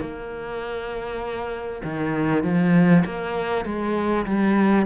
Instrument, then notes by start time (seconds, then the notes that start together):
cello
0.00 A#3
1.84 D#3
2.43 F3
3.05 A#3
3.65 G#3
4.26 G3